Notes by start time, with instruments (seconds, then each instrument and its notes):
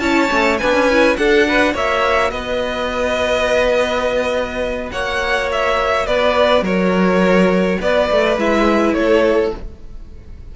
0.00 cello C#4, viola E4, violin C#5 A5
0.30 cello A3, viola C#4
0.59 cello B3, viola D4, violin B4 G#5
0.74 cello C#4
0.91 viola E4
1.16 cello D4, viola F#4, violin A4 F#5
1.48 violin B4
1.74 cello A#3, violin C#5 E5
2.31 cello B3, violin B4 D#5
4.92 cello A#3, violin C#5 F#5
5.52 violin E5
6.07 cello B3, violin B4 D5
6.62 cello F#3, violin A#4 C#5
7.81 cello B3, violin B4 D5
8.11 cello A3
8.38 cello G#3, viola E4, violin E5
8.94 cello A3, violin A4 C#5